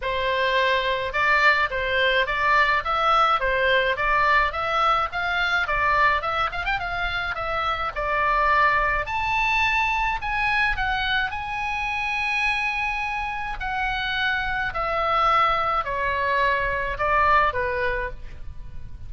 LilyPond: \new Staff \with { instrumentName = "oboe" } { \time 4/4 \tempo 4 = 106 c''2 d''4 c''4 | d''4 e''4 c''4 d''4 | e''4 f''4 d''4 e''8 f''16 g''16 | f''4 e''4 d''2 |
a''2 gis''4 fis''4 | gis''1 | fis''2 e''2 | cis''2 d''4 b'4 | }